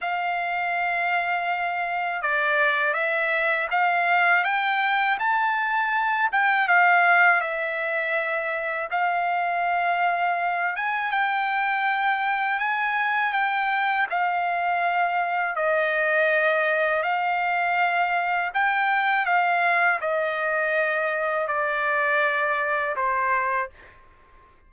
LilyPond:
\new Staff \with { instrumentName = "trumpet" } { \time 4/4 \tempo 4 = 81 f''2. d''4 | e''4 f''4 g''4 a''4~ | a''8 g''8 f''4 e''2 | f''2~ f''8 gis''8 g''4~ |
g''4 gis''4 g''4 f''4~ | f''4 dis''2 f''4~ | f''4 g''4 f''4 dis''4~ | dis''4 d''2 c''4 | }